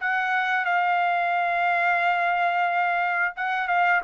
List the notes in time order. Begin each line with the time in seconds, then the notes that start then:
0.00 F#5
0.65 F5
3.36 F#5
3.67 F5